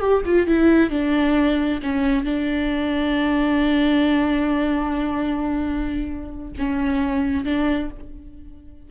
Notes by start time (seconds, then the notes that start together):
0.00 G4
0.26 F4
0.47 E4
0.91 D4
1.83 C#4
2.25 D4
6.58 C#4
7.45 D4